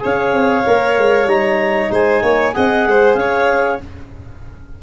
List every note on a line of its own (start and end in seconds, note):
0.00 0.33 C#4
0.00 0.63 G#4
0.00 1.92 C#5
0.00 1.29 F5
0.33 0.64 C4
0.67 0.98 A#3
0.67 1.28 A#4
0.98 1.25 G#3
1.25 1.88 G3
1.25 2.54 D#4
1.25 1.92 A#5
1.91 2.22 G#3
1.91 2.23 C5
1.91 2.55 G#5
2.23 2.54 A#3
2.23 2.55 C#5
2.54 2.87 C4
2.54 3.81 G#4
2.54 2.88 D#5
2.54 3.15 F#5
2.87 3.15 G#3
2.87 3.20 C5
3.15 3.78 C#4
3.15 3.83 C#5
3.15 3.78 F5